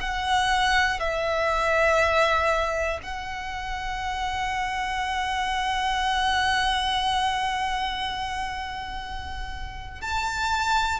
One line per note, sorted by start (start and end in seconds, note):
0.00 0.99 F#5
0.99 2.99 E5
3.02 10.01 F#5
10.01 11.00 A5